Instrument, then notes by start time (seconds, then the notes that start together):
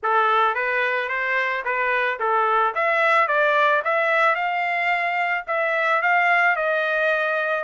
trumpet
0.02 A4
0.55 B4
1.09 C5
1.64 B4
2.19 A4
2.74 E5
3.27 D5
3.84 E5
4.35 F5
5.47 E5
6.01 F5
6.56 D#5